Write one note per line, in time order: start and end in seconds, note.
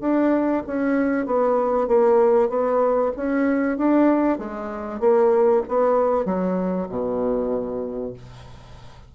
0.00 0.62 D4
0.66 1.26 C#4
1.26 1.88 B3
1.88 2.49 A#3
2.49 3.11 B3
3.16 3.77 C#4
3.77 4.38 D4
4.38 5.00 G#3
5.00 5.62 A#3
5.68 6.25 B3
6.25 6.88 F#3
6.88 8.13 B2